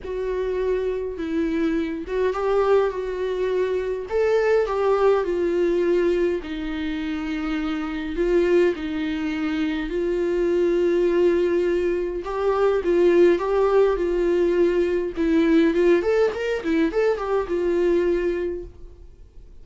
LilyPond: \new Staff \with { instrumentName = "viola" } { \time 4/4 \tempo 4 = 103 fis'2 e'4. fis'8 | g'4 fis'2 a'4 | g'4 f'2 dis'4~ | dis'2 f'4 dis'4~ |
dis'4 f'2.~ | f'4 g'4 f'4 g'4 | f'2 e'4 f'8 a'8 | ais'8 e'8 a'8 g'8 f'2 | }